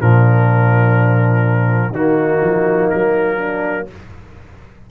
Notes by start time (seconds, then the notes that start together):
0.00 A#2 F3 D4 A#4
1.91 D#3 A#3 D#4 F#4
2.42 F3
2.90 F#3 A#4
3.37 D4